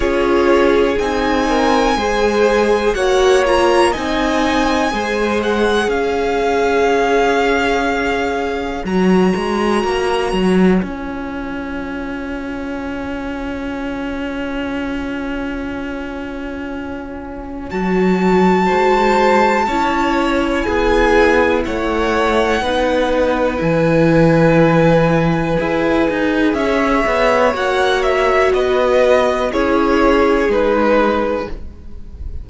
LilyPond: <<
  \new Staff \with { instrumentName = "violin" } { \time 4/4 \tempo 4 = 61 cis''4 gis''2 fis''8 ais''8 | gis''4. fis''8 f''2~ | f''4 ais''2 gis''4~ | gis''1~ |
gis''2 a''2~ | a''4 gis''4 fis''2 | gis''2. e''4 | fis''8 e''8 dis''4 cis''4 b'4 | }
  \new Staff \with { instrumentName = "violin" } { \time 4/4 gis'4. ais'8 c''4 cis''4 | dis''4 c''4 cis''2~ | cis''1~ | cis''1~ |
cis''2. c''4 | cis''4 gis'4 cis''4 b'4~ | b'2. cis''4~ | cis''4 b'4 gis'2 | }
  \new Staff \with { instrumentName = "viola" } { \time 4/4 f'4 dis'4 gis'4 fis'8 f'8 | dis'4 gis'2.~ | gis'4 fis'2 f'4~ | f'1~ |
f'2 fis'2 | e'2. dis'4 | e'2 gis'2 | fis'2 e'4 dis'4 | }
  \new Staff \with { instrumentName = "cello" } { \time 4/4 cis'4 c'4 gis4 ais4 | c'4 gis4 cis'2~ | cis'4 fis8 gis8 ais8 fis8 cis'4~ | cis'1~ |
cis'2 fis4 gis4 | cis'4 b4 a4 b4 | e2 e'8 dis'8 cis'8 b8 | ais4 b4 cis'4 gis4 | }
>>